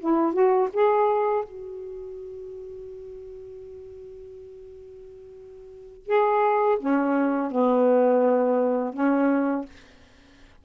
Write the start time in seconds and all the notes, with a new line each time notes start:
0.00 E4
0.33 F#4
0.73 G#4
1.45 F#4
6.06 G#4
6.80 C#4
7.51 B3
8.94 C#4